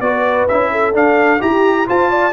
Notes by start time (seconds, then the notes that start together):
0.00 B3 F#4 B4 D5
0.47 C#4 E4 E5
0.71 A4
0.93 D4 F5
1.39 E4 G4 A#5
1.86 F4 C5 A5
2.09 D5